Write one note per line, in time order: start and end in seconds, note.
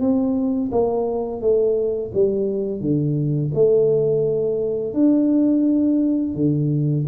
0.00 0.71 C4
0.72 1.41 A#3
1.41 2.12 A3
2.14 2.81 G3
2.81 3.52 D3
3.55 4.94 A3
4.94 6.35 D4
6.35 7.06 D3